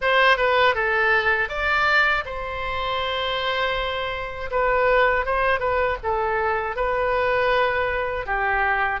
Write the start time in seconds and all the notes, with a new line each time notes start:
0.01 C5
0.37 B4
0.74 A4
1.48 D5
2.25 C5
4.50 B4
5.25 C5
5.59 B4
6.03 A4
6.75 B4
8.26 G4